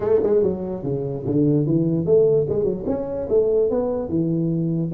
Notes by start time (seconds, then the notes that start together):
0.00 A3
0.22 G#3
0.42 F#3
0.83 C#3
1.26 D3
1.66 E3
2.05 A3
2.49 G#3
2.64 F#3
2.87 C#4
3.29 A3
3.70 B3
4.09 E3